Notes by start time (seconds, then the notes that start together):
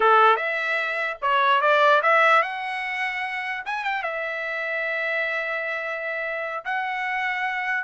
0.00 A4
0.36 E5
1.21 C#5
1.61 D5
2.02 E5
2.42 F#5
3.65 G#5
3.84 G5
4.02 E5
6.64 F#5